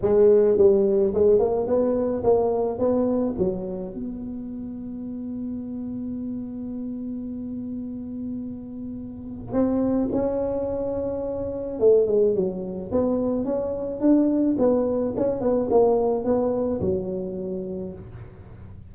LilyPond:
\new Staff \with { instrumentName = "tuba" } { \time 4/4 \tempo 4 = 107 gis4 g4 gis8 ais8 b4 | ais4 b4 fis4 b4~ | b1~ | b1~ |
b4 c'4 cis'2~ | cis'4 a8 gis8 fis4 b4 | cis'4 d'4 b4 cis'8 b8 | ais4 b4 fis2 | }